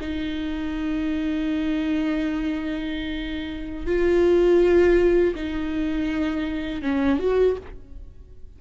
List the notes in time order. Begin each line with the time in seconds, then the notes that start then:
0.00 D#4
3.86 F4
5.35 D#4
6.82 C#4
7.19 F#4